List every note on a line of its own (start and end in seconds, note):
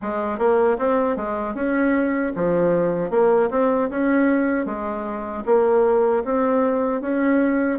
0.02 0.38 G#3
0.38 0.77 A#3
0.78 1.16 C4
1.16 1.54 G#3
1.54 2.32 C#4
2.35 3.10 F3
3.10 3.49 A#3
3.50 3.89 C4
3.90 4.65 C#4
4.65 5.43 G#3
5.45 6.23 A#3
6.24 7.01 C4
7.01 7.78 C#4